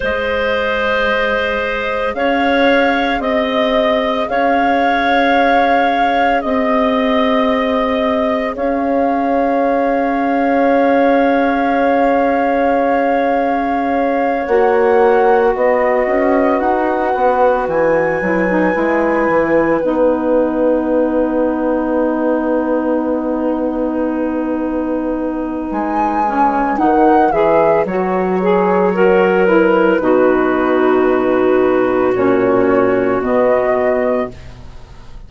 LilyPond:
<<
  \new Staff \with { instrumentName = "flute" } { \time 4/4 \tempo 4 = 56 dis''2 f''4 dis''4 | f''2 dis''2 | f''1~ | f''4. fis''4 dis''4 fis''8~ |
fis''8 gis''2 fis''4.~ | fis''1 | gis''4 fis''8 e''8 cis''4. b'8~ | b'2 cis''4 dis''4 | }
  \new Staff \with { instrumentName = "clarinet" } { \time 4/4 c''2 cis''4 dis''4 | cis''2 dis''2 | cis''1~ | cis''2~ cis''8 b'4.~ |
b'1~ | b'1~ | b'2. ais'4 | fis'1 | }
  \new Staff \with { instrumentName = "saxophone" } { \time 4/4 gis'1~ | gis'1~ | gis'1~ | gis'4. fis'2~ fis'8~ |
fis'4 e'16 dis'16 e'4 dis'4.~ | dis'1~ | dis'8 cis'8 dis'8 gis'8 fis'8 gis'8 fis'8 e'8 | dis'2 cis'4 b4 | }
  \new Staff \with { instrumentName = "bassoon" } { \time 4/4 gis2 cis'4 c'4 | cis'2 c'2 | cis'1~ | cis'4. ais4 b8 cis'8 dis'8 |
b8 e8 fis8 gis8 e8 b4.~ | b1 | gis4 dis8 e8 fis2 | b,2 ais,4 b,4 | }
>>